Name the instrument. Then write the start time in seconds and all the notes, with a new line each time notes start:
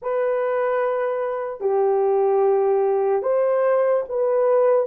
horn
0.01 B4
1.60 G4
3.22 C5
4.08 B4